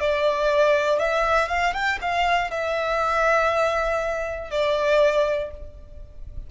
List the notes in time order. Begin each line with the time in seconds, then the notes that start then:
0.00 D5
0.99 E5
1.48 F5
1.73 G5
2.01 F5
2.50 E5
4.50 D5